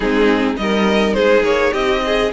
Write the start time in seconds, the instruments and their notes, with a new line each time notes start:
0.00 cello G#3, viola C4, violin D#4 G#4
0.56 cello G3, viola D#4, violin A#4 D#5
1.13 cello G#3, violin G#4 C5
1.42 cello A#3, violin C#5
1.71 cello C4, violin G4 D#5
2.05 violin G#4